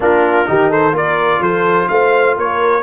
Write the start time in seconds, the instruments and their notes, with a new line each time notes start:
0.00 tuba A#3, trombone D4, horn F4, trumpet A#4
0.45 tuba D#3, trombone D#4, horn G4
0.69 horn A4, trumpet C5
0.91 tuba A#3, trombone F4, horn A#4, trumpet D5
1.39 tuba F3, horn A4, trumpet C5
1.88 tuba A3, horn C5, trumpet F5
2.37 tuba A#3, horn A#4, trumpet C#5